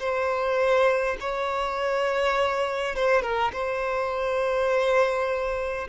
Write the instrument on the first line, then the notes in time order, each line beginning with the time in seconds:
violin
0.00 C5
1.21 C#5
2.96 C5
3.22 A#4
3.53 C5